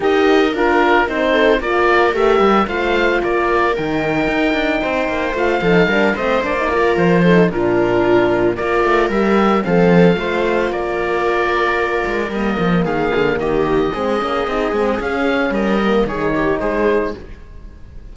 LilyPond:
<<
  \new Staff \with { instrumentName = "oboe" } { \time 4/4 \tempo 4 = 112 dis''4 ais'4 c''4 d''4 | e''4 f''4 d''4 g''4~ | g''2 f''4. dis''8 | d''4 c''4 ais'2 |
d''4 e''4 f''2 | d''2. dis''4 | f''4 dis''2. | f''4 dis''4 cis''4 c''4 | }
  \new Staff \with { instrumentName = "viola" } { \time 4/4 ais'2~ ais'8 a'8 ais'4~ | ais'4 c''4 ais'2~ | ais'4 c''4. a'8 ais'8 c''8~ | c''8 ais'4 a'8 f'2 |
ais'2 a'4 c''4 | ais'1 | gis'4 g'4 gis'2~ | gis'4 ais'4 gis'8 g'8 gis'4 | }
  \new Staff \with { instrumentName = "horn" } { \time 4/4 g'4 f'4 dis'4 f'4 | g'4 f'2 dis'4~ | dis'2 f'8 dis'8 d'8 c'8 | d'16 dis'16 f'4 dis'8 d'2 |
f'4 g'4 c'4 f'4~ | f'2. ais4~ | ais2 c'8 cis'8 dis'8 c'8 | cis'4. ais8 dis'2 | }
  \new Staff \with { instrumentName = "cello" } { \time 4/4 dis'4 d'4 c'4 ais4 | a8 g8 a4 ais4 dis4 | dis'8 d'8 c'8 ais8 a8 f8 g8 a8 | ais4 f4 ais,2 |
ais8 a8 g4 f4 a4 | ais2~ ais8 gis8 g8 f8 | dis8 d8 dis4 gis8 ais8 c'8 gis8 | cis'4 g4 dis4 gis4 | }
>>